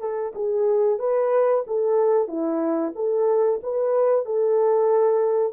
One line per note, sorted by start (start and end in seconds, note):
0.00 0.33 A4
0.35 0.99 G#4
0.99 1.64 B4
1.67 2.27 A4
2.27 2.93 E4
2.95 3.60 A4
3.63 4.25 B4
4.25 5.53 A4